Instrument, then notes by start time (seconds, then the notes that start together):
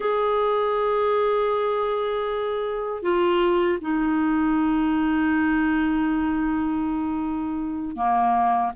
clarinet
0.00 G#4
3.02 F4
3.81 D#4
7.96 A#3